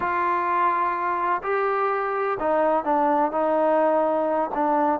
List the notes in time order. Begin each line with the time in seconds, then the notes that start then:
0.00 F4
1.42 G4
2.39 D#4
2.84 D4
3.31 D#4
4.54 D4